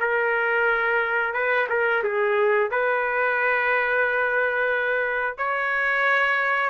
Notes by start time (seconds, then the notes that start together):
0.00 A#4
1.33 B4
1.69 A#4
2.03 G#4
2.71 B4
5.37 C#5